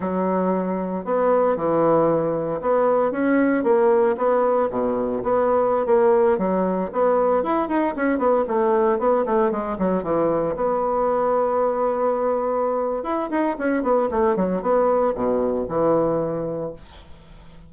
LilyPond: \new Staff \with { instrumentName = "bassoon" } { \time 4/4 \tempo 4 = 115 fis2 b4 e4~ | e4 b4 cis'4 ais4 | b4 b,4 b4~ b16 ais8.~ | ais16 fis4 b4 e'8 dis'8 cis'8 b16~ |
b16 a4 b8 a8 gis8 fis8 e8.~ | e16 b2.~ b8.~ | b4 e'8 dis'8 cis'8 b8 a8 fis8 | b4 b,4 e2 | }